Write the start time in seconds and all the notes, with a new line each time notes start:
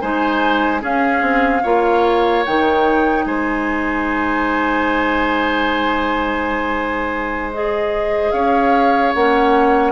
0.00 G#3 D#4 C5 G#5
0.80 C#4 G#4 F5
1.21 C4
1.62 A#3 F4 C#5
2.45 D#3 D#4 G5
3.25 G#3 C5 G#5
7.53 G#4 D#5
8.31 C#4 C#5 F5
9.14 A#3 C#4 F#5